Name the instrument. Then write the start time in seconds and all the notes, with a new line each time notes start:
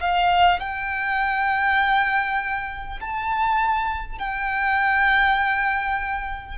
violin
0.00 F5
0.59 G5
3.01 A5
4.18 G5